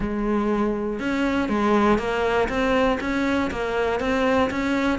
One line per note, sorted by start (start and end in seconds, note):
0.00 0.99 G#3
0.99 1.49 C#4
1.49 1.98 G#3
1.98 2.48 A#3
2.48 2.98 C4
3.00 3.50 C#4
3.50 4.00 A#3
4.00 4.50 C4
4.50 4.98 C#4